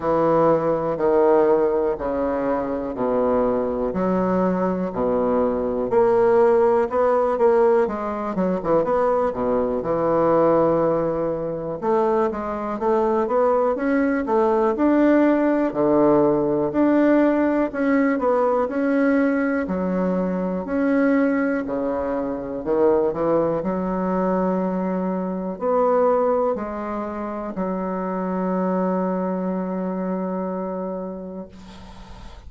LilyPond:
\new Staff \with { instrumentName = "bassoon" } { \time 4/4 \tempo 4 = 61 e4 dis4 cis4 b,4 | fis4 b,4 ais4 b8 ais8 | gis8 fis16 e16 b8 b,8 e2 | a8 gis8 a8 b8 cis'8 a8 d'4 |
d4 d'4 cis'8 b8 cis'4 | fis4 cis'4 cis4 dis8 e8 | fis2 b4 gis4 | fis1 | }